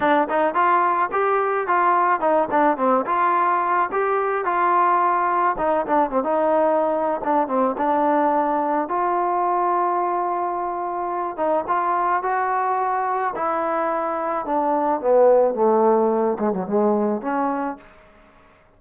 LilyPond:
\new Staff \with { instrumentName = "trombone" } { \time 4/4 \tempo 4 = 108 d'8 dis'8 f'4 g'4 f'4 | dis'8 d'8 c'8 f'4. g'4 | f'2 dis'8 d'8 c'16 dis'8.~ | dis'4 d'8 c'8 d'2 |
f'1~ | f'8 dis'8 f'4 fis'2 | e'2 d'4 b4 | a4. gis16 fis16 gis4 cis'4 | }